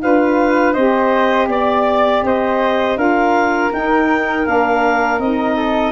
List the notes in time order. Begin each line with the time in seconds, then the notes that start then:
0.00 D4 F4 B4 F5
0.73 C4 G4 C5 D#5
1.48 B3 D5
2.22 C4 C5 D#5
2.96 D4 F4 A#4 F5
3.73 D#4 G5
4.46 A#3 D4 F5
5.19 C4 D#4 D#5
5.56 A4